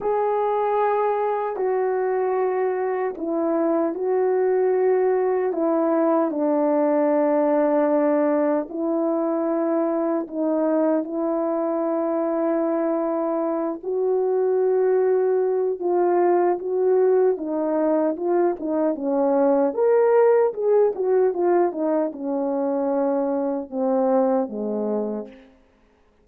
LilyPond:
\new Staff \with { instrumentName = "horn" } { \time 4/4 \tempo 4 = 76 gis'2 fis'2 | e'4 fis'2 e'4 | d'2. e'4~ | e'4 dis'4 e'2~ |
e'4. fis'2~ fis'8 | f'4 fis'4 dis'4 f'8 dis'8 | cis'4 ais'4 gis'8 fis'8 f'8 dis'8 | cis'2 c'4 gis4 | }